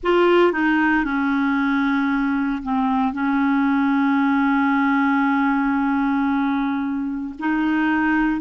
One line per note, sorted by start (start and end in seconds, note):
0.02 0.52 F4
0.52 1.04 D#4
1.04 2.62 C#4
2.63 3.13 C4
3.13 7.34 C#4
7.39 8.40 D#4